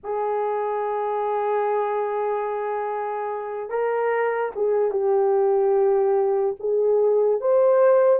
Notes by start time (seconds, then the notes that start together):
0.03 G#4
3.69 A#4
4.55 G#4
4.91 G4
6.59 G#4
7.40 C5